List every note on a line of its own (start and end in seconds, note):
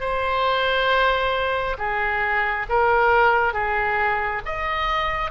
0.00 1.76 C5
1.78 2.66 G#4
2.69 3.53 A#4
3.53 4.42 G#4
4.45 5.31 D#5